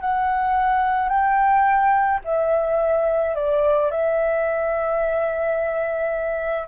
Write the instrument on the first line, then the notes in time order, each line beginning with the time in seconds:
flute
0.00 F#5
1.09 G5
2.24 E5
3.35 D5
3.90 E5